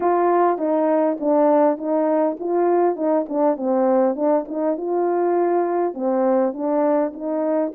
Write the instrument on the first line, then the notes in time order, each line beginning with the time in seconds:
horn
0.00 F4
0.58 D#4
1.20 D4
1.77 D#4
2.39 F4
2.96 D#4
3.29 D4
3.56 C4
4.15 D4
4.48 D#4
4.77 F4
5.94 C4
6.53 D4
7.13 D#4